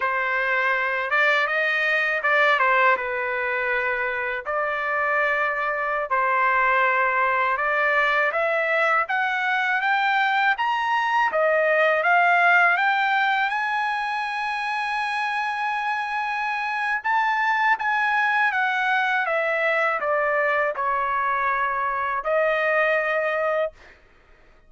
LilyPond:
\new Staff \with { instrumentName = "trumpet" } { \time 4/4 \tempo 4 = 81 c''4. d''8 dis''4 d''8 c''8 | b'2 d''2~ | d''16 c''2 d''4 e''8.~ | e''16 fis''4 g''4 ais''4 dis''8.~ |
dis''16 f''4 g''4 gis''4.~ gis''16~ | gis''2. a''4 | gis''4 fis''4 e''4 d''4 | cis''2 dis''2 | }